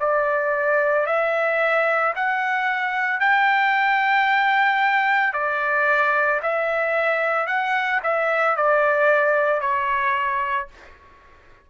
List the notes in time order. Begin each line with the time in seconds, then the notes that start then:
0.00 D5
1.07 E5
2.16 F#5
3.20 G5
5.33 D5
6.42 E5
7.47 F#5
8.03 E5
8.57 D5
9.61 C#5